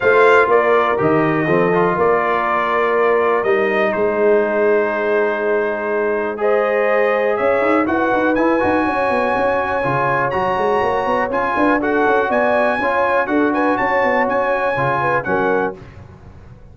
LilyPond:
<<
  \new Staff \with { instrumentName = "trumpet" } { \time 4/4 \tempo 4 = 122 f''4 d''4 dis''2 | d''2. dis''4 | c''1~ | c''4 dis''2 e''4 |
fis''4 gis''2.~ | gis''4 ais''2 gis''4 | fis''4 gis''2 fis''8 gis''8 | a''4 gis''2 fis''4 | }
  \new Staff \with { instrumentName = "horn" } { \time 4/4 c''4 ais'2 a'4 | ais'1 | gis'1~ | gis'4 c''2 cis''4 |
b'2 cis''2~ | cis''2.~ cis''8 b'8 | a'4 d''4 cis''4 a'8 b'8 | cis''2~ cis''8 b'8 ais'4 | }
  \new Staff \with { instrumentName = "trombone" } { \time 4/4 f'2 g'4 c'8 f'8~ | f'2. dis'4~ | dis'1~ | dis'4 gis'2. |
fis'4 e'8 fis'2~ fis'8 | f'4 fis'2 f'4 | fis'2 f'4 fis'4~ | fis'2 f'4 cis'4 | }
  \new Staff \with { instrumentName = "tuba" } { \time 4/4 a4 ais4 dis4 f4 | ais2. g4 | gis1~ | gis2. cis'8 dis'8 |
e'8 dis'8 e'8 dis'8 cis'8 b8 cis'4 | cis4 fis8 gis8 ais8 b8 cis'8 d'8~ | d'8 cis'8 b4 cis'4 d'4 | cis'8 b8 cis'4 cis4 fis4 | }
>>